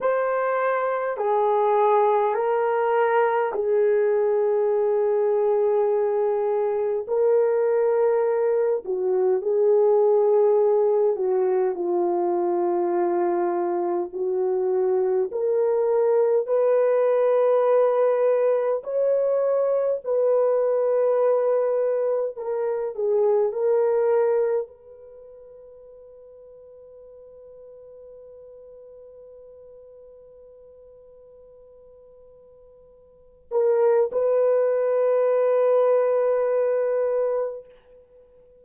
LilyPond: \new Staff \with { instrumentName = "horn" } { \time 4/4 \tempo 4 = 51 c''4 gis'4 ais'4 gis'4~ | gis'2 ais'4. fis'8 | gis'4. fis'8 f'2 | fis'4 ais'4 b'2 |
cis''4 b'2 ais'8 gis'8 | ais'4 b'2.~ | b'1~ | b'8 ais'8 b'2. | }